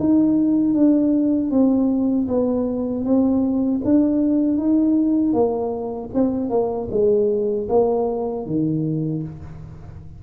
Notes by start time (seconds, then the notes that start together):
0.00 D#4
0.74 D4
1.51 C4
2.28 B3
3.05 C4
3.85 D4
4.58 D#4
5.34 A#3
6.14 C4
6.50 A#3
6.91 G#3
7.69 A#3
8.46 D#3